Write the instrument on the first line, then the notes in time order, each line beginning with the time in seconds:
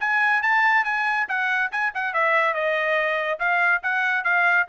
trumpet
0.00 G#5
0.42 A5
0.84 G#5
1.28 F#5
1.71 G#5
1.94 F#5
2.13 E5
2.54 D#5
3.39 F5
3.83 F#5
4.24 F5